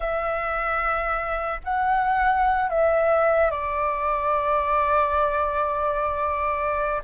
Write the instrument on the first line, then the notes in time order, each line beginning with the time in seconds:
flute
0.00 E5
1.63 F#5
2.69 E5
3.50 D5